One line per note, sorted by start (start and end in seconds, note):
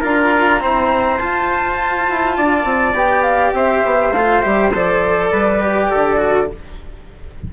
0.00 0.62 D4
0.00 0.60 F4
0.00 0.59 A#4
0.00 1.18 A#5
0.60 1.19 C4
0.60 1.20 E4
0.60 2.37 C5
1.18 2.08 F4
1.18 2.94 F4
1.18 2.95 A5
2.09 2.37 E4
2.37 2.64 D4
2.37 3.55 D5
2.64 2.93 C4
2.93 3.52 B3
2.93 4.12 G4
2.93 3.22 G5
3.22 3.51 F5
3.53 3.82 C4
3.53 5.31 C5
3.53 4.12 E5
3.84 4.11 B3
4.11 4.41 A3
4.11 4.42 F4
4.11 4.41 F5
4.41 4.72 G3
4.41 4.71 G4
4.41 4.71 E5
4.72 5.31 F3
4.72 5.60 A4
4.72 6.52 D5
5.31 5.90 G3
5.31 5.90 B4
5.60 6.17 G4
5.90 6.52 D3
5.90 6.49 A4
6.17 6.46 F#4